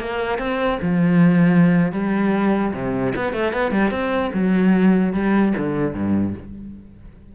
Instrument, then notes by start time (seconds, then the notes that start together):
cello
0.00 A#3
0.39 C4
0.81 F3
1.92 G3
2.73 C3
3.16 B3
3.33 A3
3.53 B3
3.71 G3
3.91 C4
4.33 F#3
5.13 G3
5.58 D3
5.94 G2